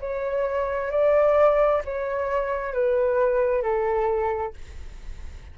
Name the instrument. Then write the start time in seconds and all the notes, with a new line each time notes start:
flute
0.00 C#5
0.91 D5
1.85 C#5
2.73 B4
3.62 A4